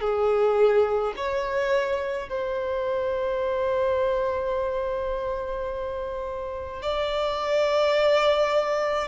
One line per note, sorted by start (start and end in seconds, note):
0.00 1.13 G#4
1.16 2.29 C#5
2.29 6.82 C5
6.82 9.08 D5